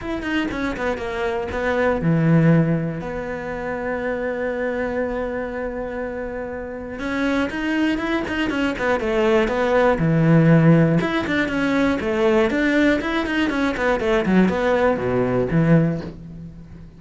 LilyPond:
\new Staff \with { instrumentName = "cello" } { \time 4/4 \tempo 4 = 120 e'8 dis'8 cis'8 b8 ais4 b4 | e2 b2~ | b1~ | b2 cis'4 dis'4 |
e'8 dis'8 cis'8 b8 a4 b4 | e2 e'8 d'8 cis'4 | a4 d'4 e'8 dis'8 cis'8 b8 | a8 fis8 b4 b,4 e4 | }